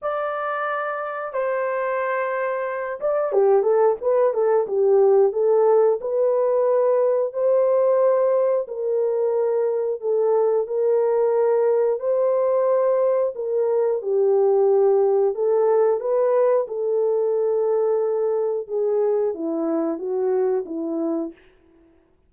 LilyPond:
\new Staff \with { instrumentName = "horn" } { \time 4/4 \tempo 4 = 90 d''2 c''2~ | c''8 d''8 g'8 a'8 b'8 a'8 g'4 | a'4 b'2 c''4~ | c''4 ais'2 a'4 |
ais'2 c''2 | ais'4 g'2 a'4 | b'4 a'2. | gis'4 e'4 fis'4 e'4 | }